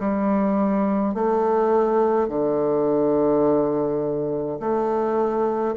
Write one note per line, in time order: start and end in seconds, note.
0.00 1.15 G3
1.15 2.29 A3
2.29 4.59 D3
4.60 5.76 A3